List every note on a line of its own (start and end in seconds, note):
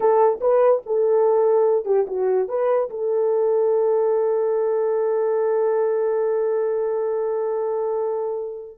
0.00 0.39 A4
0.40 0.82 B4
0.86 1.85 A4
1.85 2.06 G4
2.07 2.48 F#4
2.48 2.89 B4
2.90 8.77 A4